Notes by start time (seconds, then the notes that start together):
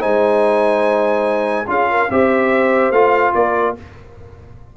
0.00 G#3 D#4 C5 G#5
1.67 C#4 F4 G#4 F5
1.91 A#4
2.11 C4 G4 C5 E5
2.91 A3 F4 F5
3.34 A#3 A#4 D5